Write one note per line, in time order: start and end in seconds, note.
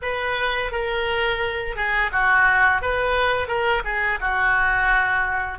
0.02 0.71 B4
0.71 1.75 A#4
1.75 2.10 G#4
2.12 2.81 F#4
2.81 3.47 B4
3.47 3.82 A#4
3.84 4.19 G#4
4.20 5.58 F#4